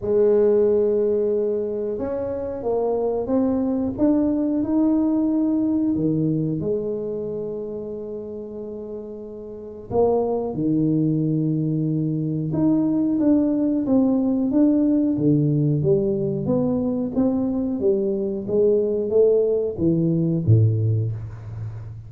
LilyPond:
\new Staff \with { instrumentName = "tuba" } { \time 4/4 \tempo 4 = 91 gis2. cis'4 | ais4 c'4 d'4 dis'4~ | dis'4 dis4 gis2~ | gis2. ais4 |
dis2. dis'4 | d'4 c'4 d'4 d4 | g4 b4 c'4 g4 | gis4 a4 e4 a,4 | }